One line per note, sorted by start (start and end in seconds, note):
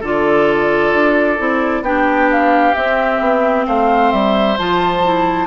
0.00 0.93 D3
0.00 1.38 F4
0.00 1.82 A4
0.00 1.83 D5
0.93 1.38 D4
1.38 1.81 C4
1.38 1.83 E4
1.81 2.72 B3
1.81 2.74 D4
1.81 3.66 G4
1.81 2.29 G5
2.31 2.74 F5
2.74 4.56 C4
2.74 3.20 C4
2.74 3.65 E5
3.20 3.65 B3
3.66 4.12 A3
3.66 5.46 C5
3.66 4.11 F5
4.11 4.58 G3
4.11 4.57 E5
4.58 5.46 F3
4.58 5.03 F4
4.58 5.46 A5
5.04 5.46 E4